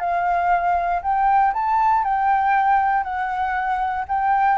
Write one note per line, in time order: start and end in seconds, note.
0.00 1.02 F5
1.02 1.53 G5
1.54 2.04 A5
2.04 3.04 G5
3.04 4.05 F#5
4.08 4.58 G5